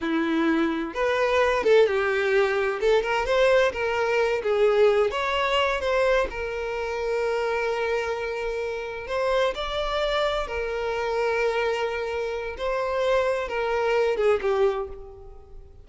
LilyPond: \new Staff \with { instrumentName = "violin" } { \time 4/4 \tempo 4 = 129 e'2 b'4. a'8 | g'2 a'8 ais'8 c''4 | ais'4. gis'4. cis''4~ | cis''8 c''4 ais'2~ ais'8~ |
ais'2.~ ais'8 c''8~ | c''8 d''2 ais'4.~ | ais'2. c''4~ | c''4 ais'4. gis'8 g'4 | }